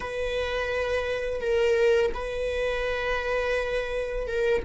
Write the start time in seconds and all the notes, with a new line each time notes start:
0.00 B4
1.41 A#4
2.14 B4
4.27 A#4